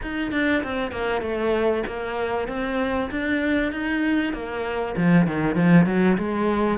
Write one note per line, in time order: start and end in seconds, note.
0.02 0.31 D#4
0.31 0.62 D4
0.63 0.91 C4
0.91 1.21 A#3
1.21 1.83 A3
1.87 2.48 A#3
2.48 3.10 C4
3.11 3.71 D4
3.71 4.33 D#4
4.33 4.95 A#3
4.97 5.26 F3
5.26 5.55 D#3
5.55 5.86 F3
5.86 6.17 F#3
6.17 6.78 G#3